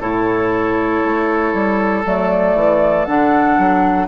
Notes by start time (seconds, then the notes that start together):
0.00 A2 E4 A4 C#5
1.04 A3
1.53 G3
2.05 F#3 A3 D5
2.55 E3
3.05 D3 D4 F#5
3.58 F#3